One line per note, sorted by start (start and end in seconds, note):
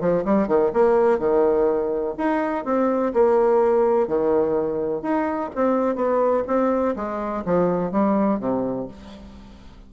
0.00 0.24 F3
0.24 0.47 G3
0.47 0.71 D#3
0.73 1.18 A#3
1.18 2.14 D#3
2.17 2.64 D#4
2.64 3.12 C4
3.13 4.07 A#3
4.07 5.01 D#3
5.01 5.49 D#4
5.55 5.95 C4
5.95 6.43 B3
6.47 6.95 C4
6.96 7.44 G#3
7.45 7.91 F3
7.91 8.39 G3
8.39 8.87 C3